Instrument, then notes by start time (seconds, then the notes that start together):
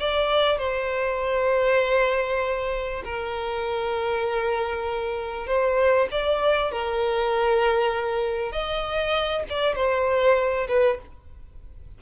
violin
0.00 D5
0.58 C5
3.05 A#4
5.47 C5
6.12 D5
6.72 A#4
8.52 D#5
9.50 D5
9.76 C5
10.68 B4